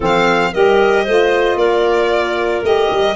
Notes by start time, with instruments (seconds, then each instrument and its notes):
0.00 tuba F3, saxophone C4, clarinet A4, violin F5
0.52 tuba G3, saxophone G4, clarinet A#4, violin D#5
1.04 tuba A3, saxophone F4, clarinet C5
1.55 tuba A#3, clarinet A#4, violin D5
2.62 tuba A3, saxophone G4, violin D#5
2.90 tuba G3